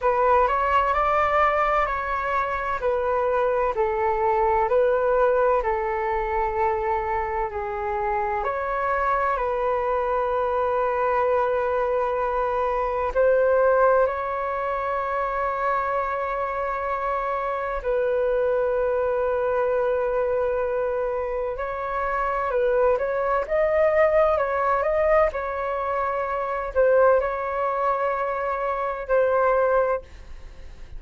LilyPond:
\new Staff \with { instrumentName = "flute" } { \time 4/4 \tempo 4 = 64 b'8 cis''8 d''4 cis''4 b'4 | a'4 b'4 a'2 | gis'4 cis''4 b'2~ | b'2 c''4 cis''4~ |
cis''2. b'4~ | b'2. cis''4 | b'8 cis''8 dis''4 cis''8 dis''8 cis''4~ | cis''8 c''8 cis''2 c''4 | }